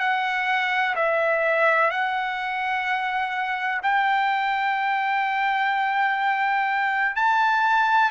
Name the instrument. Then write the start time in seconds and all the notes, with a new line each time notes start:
trumpet
0.00 F#5
0.95 E5
1.90 F#5
3.82 G5
7.16 A5